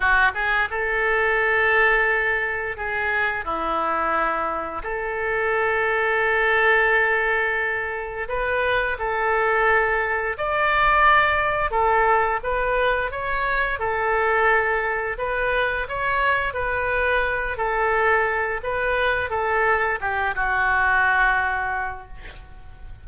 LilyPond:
\new Staff \with { instrumentName = "oboe" } { \time 4/4 \tempo 4 = 87 fis'8 gis'8 a'2. | gis'4 e'2 a'4~ | a'1 | b'4 a'2 d''4~ |
d''4 a'4 b'4 cis''4 | a'2 b'4 cis''4 | b'4. a'4. b'4 | a'4 g'8 fis'2~ fis'8 | }